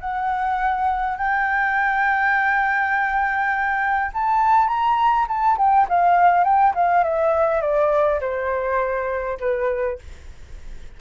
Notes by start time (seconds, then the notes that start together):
0.00 F#5
1.18 G5
4.14 A5
4.68 A#5
5.28 A5
5.58 G5
5.89 F5
6.44 G5
6.75 F5
7.04 E5
7.61 D5
8.21 C5
9.40 B4